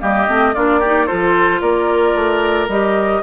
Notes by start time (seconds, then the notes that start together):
0.00 G3 A#3 G4 D#5
0.28 A3 C4
0.54 A#3 D4 F4 D5
0.80 D#4 G4
1.07 F3 F4 A4 C5
1.61 A#3 A#4 D5
2.15 A3
2.69 G3 G4 D#5